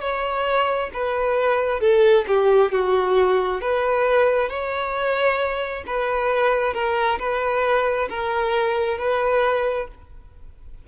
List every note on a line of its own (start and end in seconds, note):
0.00 0.90 C#5
0.93 1.80 B4
1.80 2.25 A4
2.27 2.72 G4
2.72 3.61 F#4
3.61 4.49 B4
4.49 5.83 C#5
5.86 6.73 B4
6.73 7.18 A#4
7.19 8.08 B4
8.09 8.98 A#4
8.98 9.88 B4